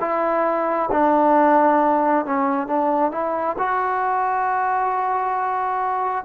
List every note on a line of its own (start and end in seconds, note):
0.00 0.90 E4
0.91 2.25 D4
2.25 2.67 C#4
2.67 3.11 D4
3.11 3.56 E4
3.58 6.24 F#4